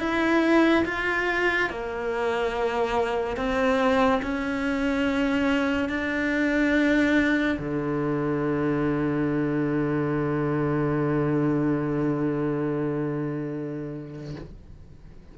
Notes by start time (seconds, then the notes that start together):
0.00 E4
0.85 F4
1.70 A#3
3.37 C4
4.22 C#4
5.89 D4
7.59 D3